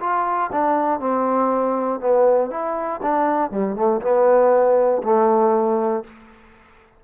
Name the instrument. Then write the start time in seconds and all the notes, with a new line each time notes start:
trombone
0.00 F4
0.52 D4
0.99 C4
2.00 B3
2.50 E4
3.03 D4
3.51 G3
3.76 A3
4.01 B3
5.03 A3